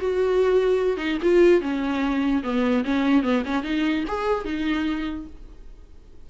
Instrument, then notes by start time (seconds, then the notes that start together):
viola
0.00 F#4
0.98 D#4
1.23 F4
1.62 C#4
2.44 B3
2.85 C#4
3.23 B3
3.45 C#4
3.64 D#4
4.08 G#4
4.45 D#4